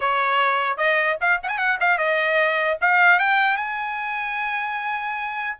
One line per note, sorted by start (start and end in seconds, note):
0.00 0.77 C#5
0.77 1.17 D#5
1.20 1.40 F5
1.43 1.48 F#5
1.43 1.58 G#5
1.58 1.78 F#5
1.80 1.98 F5
1.98 2.78 D#5
2.81 3.19 F5
3.19 3.57 G5
3.57 5.57 G#5